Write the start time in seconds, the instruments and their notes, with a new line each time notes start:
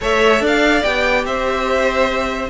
0.01 cello A3, viola A4, violin C#5 E5
0.40 cello D4, violin D5 F5
0.83 cello B3, viola G4, violin G5
1.24 cello C4, violin C5 E5